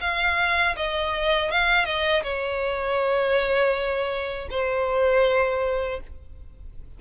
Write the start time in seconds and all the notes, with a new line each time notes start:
0.00 F5
0.76 D#5
1.51 F5
1.85 D#5
2.23 C#5
4.50 C5